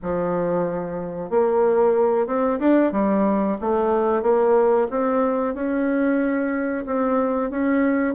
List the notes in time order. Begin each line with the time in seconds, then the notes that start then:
0.02 F3
1.30 A#3
2.26 C4
2.59 D4
2.92 G3
3.60 A3
4.22 A#3
4.90 C4
5.54 C#4
6.85 C4
7.50 C#4